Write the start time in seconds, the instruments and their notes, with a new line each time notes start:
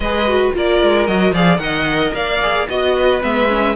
0.00 cello G#3, viola G#4, violin B4 D#5
0.27 viola F#4
0.53 cello A#3, viola F4, violin A#4 D5
0.82 cello G#3
1.06 cello F#3, viola F#4, violin D#5
1.32 cello F3, viola G#4, violin D5 F5
1.57 cello D#3, viola A#4, violin D#5 F#5
2.14 cello A#3, violin D5 F5
2.42 viola G#4
2.68 cello B3, viola F#4, violin D#5
2.95 violin B4
3.21 cello G#3, viola B3, violin E5
3.48 viola C#4